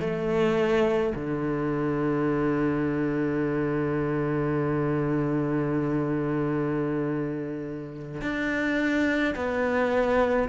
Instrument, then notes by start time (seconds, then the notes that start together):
cello
0.00 A3
1.15 D3
8.21 D4
9.36 B3